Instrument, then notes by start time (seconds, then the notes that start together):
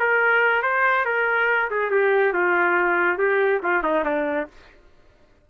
trumpet
0.00 A#4
0.63 C5
1.06 A#4
1.70 G#4
1.91 G4
2.33 F4
3.18 G4
3.63 F4
3.83 D#4
4.05 D4